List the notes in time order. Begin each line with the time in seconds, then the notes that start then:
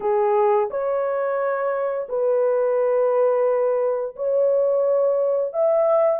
0.00 G#4
0.70 C#5
2.08 B4
4.15 C#5
5.53 E5